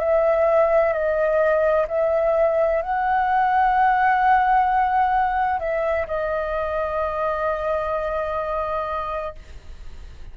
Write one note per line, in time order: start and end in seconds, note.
0.00 0.93 E5
0.93 1.87 D#5
1.88 2.82 E5
2.82 5.60 F#5
5.60 6.06 E5
6.07 9.35 D#5